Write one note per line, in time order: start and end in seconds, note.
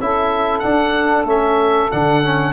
0.00 0.64 C#4
0.00 0.63 E4
0.00 2.54 A4
0.00 0.60 E5
0.60 1.26 D4
0.60 1.25 D4
0.60 1.23 F#5
1.25 1.89 A3
1.25 1.90 C#4
1.25 1.91 E5
1.91 2.54 D3
1.91 2.24 D4
1.91 2.54 F#5
2.24 2.54 C#4